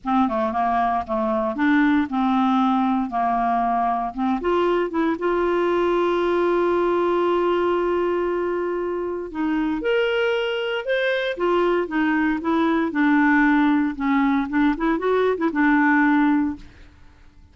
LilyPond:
\new Staff \with { instrumentName = "clarinet" } { \time 4/4 \tempo 4 = 116 c'8 a8 ais4 a4 d'4 | c'2 ais2 | c'8 f'4 e'8 f'2~ | f'1~ |
f'2 dis'4 ais'4~ | ais'4 c''4 f'4 dis'4 | e'4 d'2 cis'4 | d'8 e'8 fis'8. e'16 d'2 | }